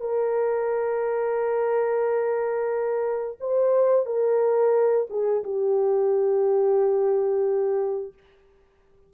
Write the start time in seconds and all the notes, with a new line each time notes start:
0.00 A#4
3.40 C5
4.06 A#4
5.10 G#4
5.44 G4